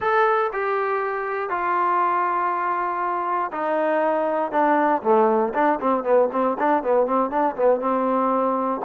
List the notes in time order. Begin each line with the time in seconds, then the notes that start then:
0.00 A4
0.52 G4
1.49 F4
3.52 D#4
4.51 D4
5.02 A3
5.53 D4
5.80 C4
6.03 B3
6.31 C4
6.58 D4
6.83 B3
7.06 C4
7.30 D4
7.56 B3
7.80 C4